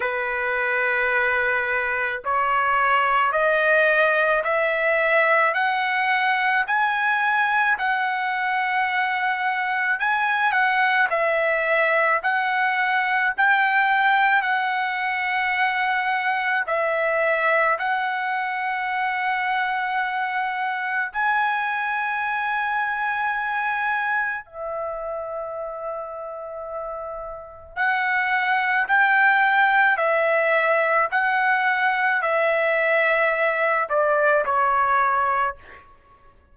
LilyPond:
\new Staff \with { instrumentName = "trumpet" } { \time 4/4 \tempo 4 = 54 b'2 cis''4 dis''4 | e''4 fis''4 gis''4 fis''4~ | fis''4 gis''8 fis''8 e''4 fis''4 | g''4 fis''2 e''4 |
fis''2. gis''4~ | gis''2 e''2~ | e''4 fis''4 g''4 e''4 | fis''4 e''4. d''8 cis''4 | }